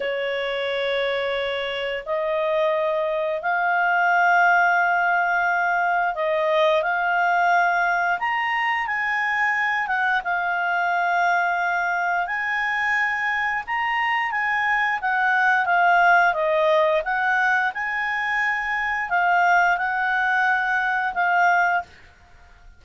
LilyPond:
\new Staff \with { instrumentName = "clarinet" } { \time 4/4 \tempo 4 = 88 cis''2. dis''4~ | dis''4 f''2.~ | f''4 dis''4 f''2 | ais''4 gis''4. fis''8 f''4~ |
f''2 gis''2 | ais''4 gis''4 fis''4 f''4 | dis''4 fis''4 gis''2 | f''4 fis''2 f''4 | }